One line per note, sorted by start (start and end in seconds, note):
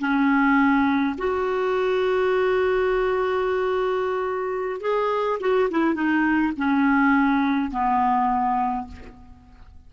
0.00 1.17 C#4
1.18 4.81 F#4
4.81 5.39 G#4
5.41 5.70 F#4
5.71 5.95 E4
5.95 6.53 D#4
6.57 7.71 C#4
7.71 8.88 B3